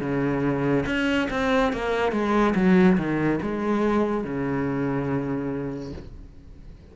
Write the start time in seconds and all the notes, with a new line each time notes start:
0.00 C#3
0.86 C#4
1.30 C4
1.72 A#3
2.12 G#3
2.55 F#3
2.97 D#3
3.42 G#3
4.23 C#3